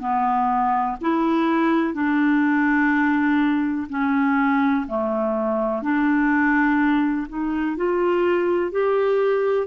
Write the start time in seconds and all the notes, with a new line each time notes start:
0.00 B3
1.01 E4
1.94 D4
3.89 C#4
4.88 A3
5.82 D4
7.28 D#4
7.77 F4
8.72 G4